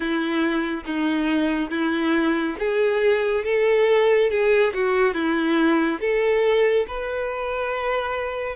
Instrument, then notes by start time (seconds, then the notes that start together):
violin
0.00 E4
0.85 D#4
1.70 E4
2.58 G#4
3.44 A4
4.30 G#4
4.73 F#4
5.14 E4
6.00 A4
6.87 B4